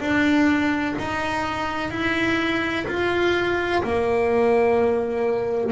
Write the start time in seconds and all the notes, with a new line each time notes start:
0.00 D4
0.99 D#4
1.90 E4
2.87 F4
3.83 A#3